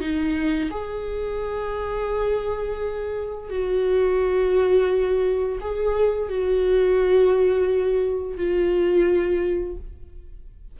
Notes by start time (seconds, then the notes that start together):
0.00 D#4
0.70 G#4
3.49 F#4
5.60 G#4
6.29 F#4
8.37 F4